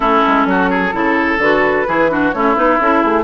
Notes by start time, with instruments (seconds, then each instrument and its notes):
0.00 bassoon A3, clarinet C#4, oboe E4, flute A4
0.27 bassoon G#3
0.45 bassoon F#3, oboe F#4
0.70 oboe G#4
0.92 bassoon C#3, clarinet E4, oboe A4
1.38 bassoon D3, clarinet F#4, flute B4
1.86 bassoon E3, clarinet E4, oboe G#4
2.09 clarinet D4, oboe F#4
2.32 bassoon A3, clarinet C#4, oboe E4, flute C#5
2.55 bassoon B3, clarinet D#4, flute B4
2.80 bassoon C#4, clarinet E4, flute A4
3.01 bassoon A3, flute G#4